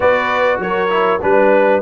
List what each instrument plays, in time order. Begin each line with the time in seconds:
0.00 tuba B3, trombone F#4, horn B4, trumpet D5
0.58 tuba F#3, horn A#4, trumpet C#5
0.89 trombone E4
1.21 tuba G3, trombone D4, horn B4, trumpet B4